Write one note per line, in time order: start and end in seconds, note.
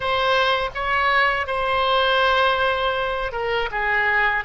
0.00 0.70 C5
0.74 1.46 C#5
1.46 3.31 C5
3.32 3.69 A#4
3.71 4.44 G#4